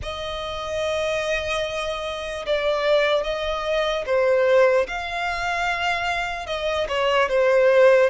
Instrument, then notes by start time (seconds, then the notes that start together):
violin
0.02 D#5
2.45 D5
3.23 D#5
4.05 C5
4.87 F5
6.46 D#5
6.88 C#5
7.28 C5